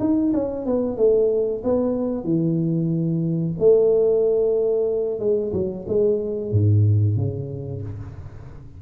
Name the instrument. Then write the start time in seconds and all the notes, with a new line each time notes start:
tuba
0.00 D#4
0.34 C#4
0.66 B3
0.97 A3
1.64 B3
2.24 E3
3.59 A3
5.20 G#3
5.53 F#3
5.88 G#3
6.52 G#2
7.17 C#3